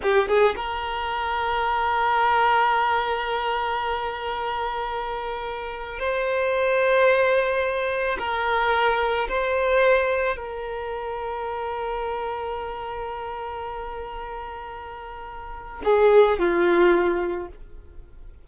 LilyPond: \new Staff \with { instrumentName = "violin" } { \time 4/4 \tempo 4 = 110 g'8 gis'8 ais'2.~ | ais'1~ | ais'2. c''4~ | c''2. ais'4~ |
ais'4 c''2 ais'4~ | ais'1~ | ais'1~ | ais'4 gis'4 f'2 | }